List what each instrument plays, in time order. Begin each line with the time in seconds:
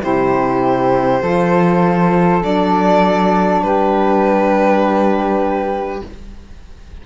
0.00 cello C3, saxophone E4, flute G4, violin C5
1.22 cello F3, saxophone F4, flute A4
2.42 cello F#3, saxophone D4, violin D5
3.62 cello G3, flute G4, violin B4